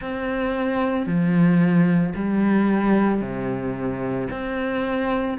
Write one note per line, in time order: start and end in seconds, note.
0.00 1.06 C4
1.06 2.13 F3
2.15 3.21 G3
3.21 4.28 C3
4.30 5.37 C4